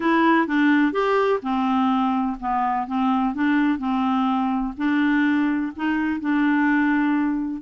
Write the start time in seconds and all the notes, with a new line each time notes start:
0.00 E4
0.47 D4
0.92 G4
1.42 C4
2.40 B3
2.87 C4
3.34 D4
3.78 C4
4.77 D4
5.76 D#4
6.20 D4